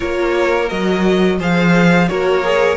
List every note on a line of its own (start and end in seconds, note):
0.00 0.71 A#3
0.00 0.68 F4
0.00 1.37 A#4
0.00 0.69 C#5
0.69 1.39 F#3
0.69 1.39 F#4
0.69 1.39 D#5
1.39 2.09 F3
1.39 2.07 G#4
1.39 2.09 C5
1.39 2.08 F5
2.07 2.77 A#3
2.07 2.42 F#4
2.07 2.77 A#4
2.07 2.77 C#5
2.44 2.77 G#4